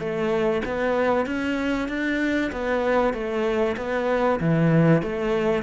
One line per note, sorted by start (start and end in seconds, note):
0.00 0.62 A3
0.66 1.26 B3
1.26 1.89 C#4
1.89 2.51 D4
2.53 3.14 B3
3.14 3.76 A3
3.78 4.40 B3
4.40 5.03 E3
5.03 5.63 A3